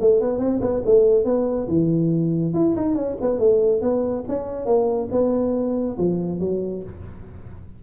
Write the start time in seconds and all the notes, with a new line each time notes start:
0.00 A3
0.21 B3
0.39 C4
0.61 B3
0.85 A3
1.24 B3
1.68 E3
2.54 E4
2.76 D#4
2.95 C#4
3.21 B3
3.39 A3
3.81 B3
4.28 C#4
4.66 A#3
5.11 B3
5.98 F3
6.40 F#3